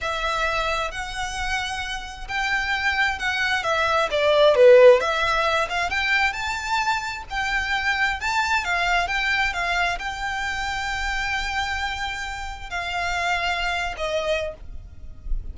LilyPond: \new Staff \with { instrumentName = "violin" } { \time 4/4 \tempo 4 = 132 e''2 fis''2~ | fis''4 g''2 fis''4 | e''4 d''4 b'4 e''4~ | e''8 f''8 g''4 a''2 |
g''2 a''4 f''4 | g''4 f''4 g''2~ | g''1 | f''2~ f''8. dis''4~ dis''16 | }